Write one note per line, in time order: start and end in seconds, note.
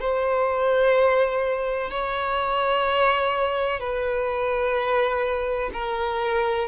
0.00 1.90 C5
1.90 3.80 C#5
3.80 5.71 B4
5.74 6.68 A#4